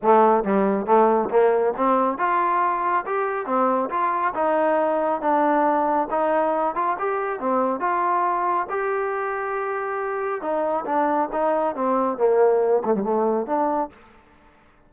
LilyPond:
\new Staff \with { instrumentName = "trombone" } { \time 4/4 \tempo 4 = 138 a4 g4 a4 ais4 | c'4 f'2 g'4 | c'4 f'4 dis'2 | d'2 dis'4. f'8 |
g'4 c'4 f'2 | g'1 | dis'4 d'4 dis'4 c'4 | ais4. a16 g16 a4 d'4 | }